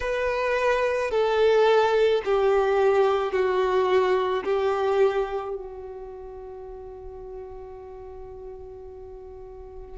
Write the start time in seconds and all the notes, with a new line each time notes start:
0.00 B4
1.11 A4
2.24 G4
3.32 F#4
4.44 G4
5.55 F#4